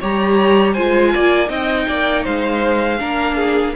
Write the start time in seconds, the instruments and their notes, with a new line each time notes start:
0.00 cello G3, viola G4, violin C#5 A#5
0.74 cello G#3, viola F4, violin C5 G#5
1.14 cello A#3, violin D5
1.47 cello C4, viola D#4, violin D#5 G5
1.88 cello A#3, violin D5
2.23 cello G#3, violin C5 F5
2.99 cello A#3, viola D4, violin A#4
3.36 violin G#4